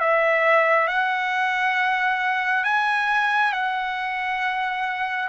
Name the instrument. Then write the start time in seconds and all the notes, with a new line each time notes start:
trumpet
0.00 E5
0.87 F#5
2.64 G#5
3.52 F#5